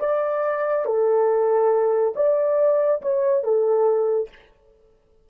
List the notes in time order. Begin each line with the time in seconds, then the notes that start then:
0.00 D5
0.86 A4
2.16 D5
3.02 C#5
3.44 A4